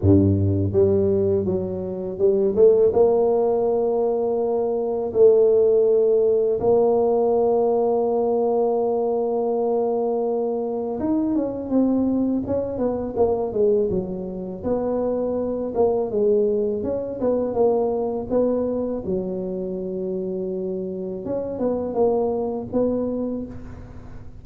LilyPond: \new Staff \with { instrumentName = "tuba" } { \time 4/4 \tempo 4 = 82 g,4 g4 fis4 g8 a8 | ais2. a4~ | a4 ais2.~ | ais2. dis'8 cis'8 |
c'4 cis'8 b8 ais8 gis8 fis4 | b4. ais8 gis4 cis'8 b8 | ais4 b4 fis2~ | fis4 cis'8 b8 ais4 b4 | }